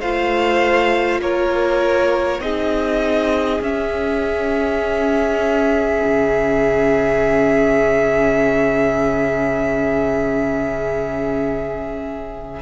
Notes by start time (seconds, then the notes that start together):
0.00 A3 F4 C5 F5
1.20 A#3 A#4 C#5
2.40 C4 D#4 G#4 D#5
3.60 C#4 E5
6.04 C#3